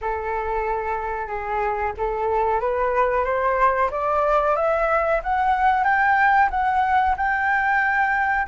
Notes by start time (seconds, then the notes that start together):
0.01 A4
1.27 G#4
1.97 A4
2.60 B4
3.24 C5
3.90 D5
4.56 E5
5.23 F#5
5.84 G5
6.50 F#5
7.16 G5